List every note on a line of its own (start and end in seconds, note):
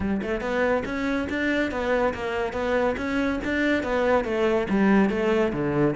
0.00 0.21 G3
0.22 0.40 A3
0.40 0.83 B3
0.85 1.27 C#4
1.29 1.71 D4
1.71 2.13 B3
2.14 2.53 A#3
2.53 2.95 B3
2.97 3.39 C#4
3.44 3.83 D4
3.83 4.24 B3
4.24 4.67 A3
4.69 5.09 G3
5.09 5.52 A3
5.52 5.95 D3